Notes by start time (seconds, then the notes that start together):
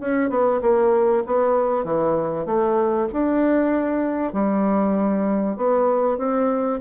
0.00 C#4
0.30 B3
0.61 A#3
1.26 B3
1.84 E3
2.45 A3
3.12 D4
4.33 G3
5.56 B3
6.17 C4